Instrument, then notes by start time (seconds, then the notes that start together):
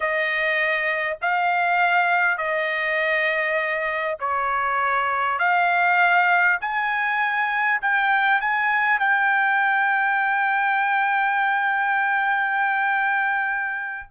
trumpet
0.00 D#5
1.21 F5
2.37 D#5
4.19 C#5
5.38 F5
6.61 G#5
7.81 G5
8.41 G#5
8.99 G5